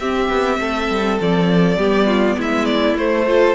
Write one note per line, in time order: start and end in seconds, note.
0.00 0.29 C4
0.00 1.79 C4
0.00 0.60 G4
0.00 1.19 E5
0.29 0.59 B3
0.59 0.89 A3
0.59 1.78 A4
0.90 1.20 G3
1.21 1.77 F3
1.21 2.41 D5
1.77 2.37 G3
1.77 2.98 B3
1.77 2.07 G4
2.07 2.37 F4
2.38 2.95 G#3
2.38 3.27 E4
2.38 2.66 E5
2.66 2.96 D5
2.95 3.54 A3
2.95 3.27 A3
2.95 3.55 C5
3.28 3.55 F4
3.28 3.55 A4